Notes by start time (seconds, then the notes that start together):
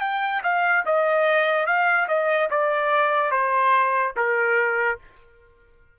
0.00 G5
0.43 F5
0.85 D#5
1.66 F5
2.08 D#5
2.50 D5
3.31 C5
4.16 A#4